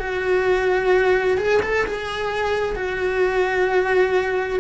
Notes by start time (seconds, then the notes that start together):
0.00 F#4
1.38 G#4
1.62 A4
1.86 G#4
2.76 F#4